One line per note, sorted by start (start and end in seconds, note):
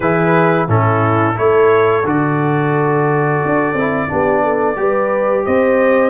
0.00 0.68 E3
0.00 0.68 E4
0.00 0.67 G#4
0.00 0.67 B4
0.68 1.36 A2
0.68 1.35 C#4
0.68 1.36 E4
0.68 1.37 A4
1.35 2.05 A3
1.35 2.03 E4
1.35 4.09 A4
1.35 2.06 C#5
2.05 3.41 D3
2.05 3.76 F#4
2.05 5.45 D5
3.45 3.73 D4
3.73 4.07 C4
3.73 4.08 E4
4.08 4.76 B3
4.08 4.76 D4
4.08 4.43 G4
4.43 4.77 A4
4.76 5.44 G3
4.76 6.09 G4
4.76 5.45 B4
5.45 6.09 C4
5.45 6.09 C5
5.45 6.09 D#5